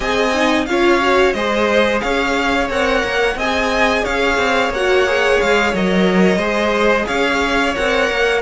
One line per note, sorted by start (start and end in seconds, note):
0.00 0.66 C4
0.00 0.32 G#4
0.00 0.66 D#5
0.00 0.65 G#5
0.33 0.67 D#4
0.65 1.34 C#4
0.65 1.01 F4
0.65 1.35 C#5
0.65 1.32 F5
1.01 1.35 F#4
1.32 2.01 G#3
1.32 2.70 G#4
1.32 2.02 C5
1.32 2.00 D#5
2.00 2.69 C#4
2.00 3.37 C#5
2.00 2.67 F5
2.69 3.03 C4
2.69 3.37 A#4
2.69 3.38 F#5
3.04 3.35 A#3
3.35 4.02 C4
3.35 4.03 D#5
3.35 4.04 G#5
3.41 4.75 G#4
4.03 4.37 C#4
4.03 6.37 C#5
4.03 4.72 F5
4.37 4.69 C4
4.69 5.37 A#3
4.69 5.40 F#5
4.75 5.06 F#4
5.06 5.74 G#4
5.40 5.73 G#3
5.40 5.74 F5
5.73 6.37 F#3
5.73 6.39 A#4
5.73 7.07 D#5
6.37 7.04 G#3
6.37 7.73 G#4
6.37 7.05 C5
7.07 7.76 C#4
7.07 8.41 C#5
7.07 7.74 F5
7.75 8.10 C4
7.75 8.41 A#4
7.75 8.41 F#5
8.10 8.41 A#3